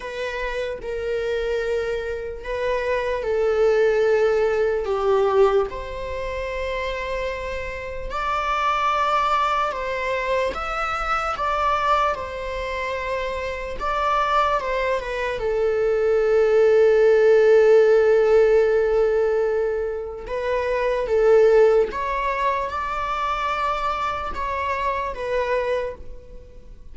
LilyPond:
\new Staff \with { instrumentName = "viola" } { \time 4/4 \tempo 4 = 74 b'4 ais'2 b'4 | a'2 g'4 c''4~ | c''2 d''2 | c''4 e''4 d''4 c''4~ |
c''4 d''4 c''8 b'8 a'4~ | a'1~ | a'4 b'4 a'4 cis''4 | d''2 cis''4 b'4 | }